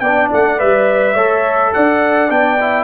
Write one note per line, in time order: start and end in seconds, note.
0.00 0.30 B3
0.00 1.15 D5
0.00 0.29 G5
0.07 0.59 D4
0.33 0.61 A3
0.33 0.60 F#5
0.59 1.15 G3
0.59 1.16 B4
0.59 1.74 E5
1.15 1.72 A3
1.15 2.30 A4
1.15 1.72 C#5
1.74 2.30 D4
1.74 2.84 D5
1.74 2.31 F#5
2.30 2.84 B3
2.30 2.59 D4
2.30 2.84 G5
2.61 2.84 E4